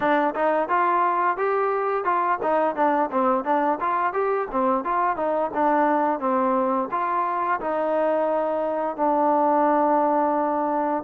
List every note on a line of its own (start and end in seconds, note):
0.00 0.34 D4
0.34 0.69 D#4
0.69 1.37 F4
1.37 2.04 G4
2.04 2.39 F4
2.42 2.75 D#4
2.75 3.10 D4
3.11 3.44 C4
3.44 3.79 D4
3.80 4.13 F4
4.13 4.47 G4
4.51 4.84 C4
4.84 5.16 F4
5.16 5.50 D#4
5.54 6.19 D4
6.19 6.88 C4
6.91 7.60 F4
7.60 8.96 D#4
8.96 11.03 D4